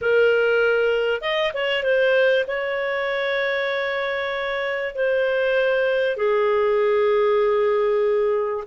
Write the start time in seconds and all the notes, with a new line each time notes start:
0.01 A#4
1.21 D#5
1.53 C#5
1.83 C5
2.47 C#5
4.95 C5
6.16 G#4